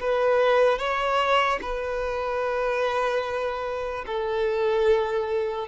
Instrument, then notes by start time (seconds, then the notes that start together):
violin
0.00 B4
0.79 C#5
1.62 B4
4.06 A4